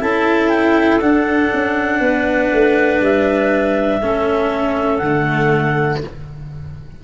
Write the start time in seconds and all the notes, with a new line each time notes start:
0.00 C#4 E4 A4 A5
0.49 G5
1.00 D4 F#5
1.53 C#4
1.99 B3 B4
2.52 A3
3.00 G3 E5
4.00 A3 C#4 A4
4.97 D3 A3 F#5